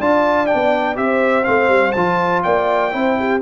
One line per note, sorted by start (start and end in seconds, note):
0.00 0.49 D4
0.00 0.47 F4
0.00 0.98 D5
0.00 0.47 A5
0.47 0.95 D4
0.47 0.95 G5
0.54 0.97 B3
0.95 1.46 C4
0.95 1.43 G4
0.95 2.44 C5
0.95 1.44 E5
1.43 1.68 A3
1.43 1.92 C4
1.43 1.92 F5
1.68 1.92 G3
1.92 2.45 F3
1.92 2.91 F4
1.92 2.41 A5
2.43 2.94 A#3
2.43 2.93 D5
2.43 3.41 G5
2.91 3.41 C4
2.91 3.40 E4
2.91 3.17 C5
3.18 3.41 G4